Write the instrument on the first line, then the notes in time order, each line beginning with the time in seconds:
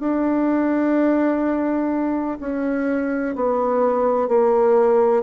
bassoon
0.00 D4
2.40 C#4
3.35 B3
4.28 A#3